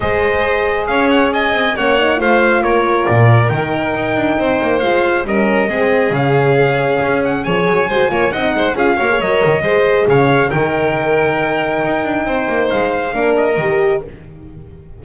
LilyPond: <<
  \new Staff \with { instrumentName = "trumpet" } { \time 4/4 \tempo 4 = 137 dis''2 f''8 fis''8 gis''4 | fis''4 f''4 cis''4 d''4 | g''2. f''4 | dis''2 f''2~ |
f''8 fis''8 gis''2 fis''4 | f''4 dis''2 f''4 | g''1~ | g''4 f''4. dis''4. | }
  \new Staff \with { instrumentName = "violin" } { \time 4/4 c''2 cis''4 dis''4 | cis''4 c''4 ais'2~ | ais'2 c''2 | ais'4 gis'2.~ |
gis'4 cis''4 c''8 cis''8 dis''8 c''8 | gis'8 cis''4. c''4 cis''4 | ais'1 | c''2 ais'2 | }
  \new Staff \with { instrumentName = "horn" } { \time 4/4 gis'1 | cis'8 dis'8 f'2. | dis'2. f'4 | cis'4 c'4 cis'2~ |
cis'4 gis'4 fis'8 f'8 dis'4 | f'8 fis'16 gis'16 ais'4 gis'2 | dis'1~ | dis'2 d'4 g'4 | }
  \new Staff \with { instrumentName = "double bass" } { \time 4/4 gis2 cis'4. c'8 | ais4 a4 ais4 ais,4 | dis4 dis'8 d'8 c'8 ais8 gis4 | g4 gis4 cis2 |
cis'4 f8 fis8 gis8 ais8 c'8 gis8 | cis'8 ais8 fis8 dis8 gis4 cis4 | dis2. dis'8 d'8 | c'8 ais8 gis4 ais4 dis4 | }
>>